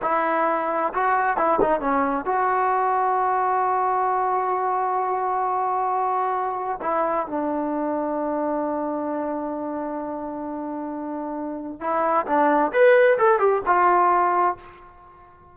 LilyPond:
\new Staff \with { instrumentName = "trombone" } { \time 4/4 \tempo 4 = 132 e'2 fis'4 e'8 dis'8 | cis'4 fis'2.~ | fis'1~ | fis'2. e'4 |
d'1~ | d'1~ | d'2 e'4 d'4 | b'4 a'8 g'8 f'2 | }